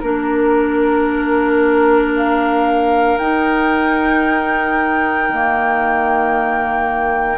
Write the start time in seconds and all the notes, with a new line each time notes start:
0.00 A#3 D4 A#4
2.16 F5
3.18 D#4 G5
5.28 D#3 A#3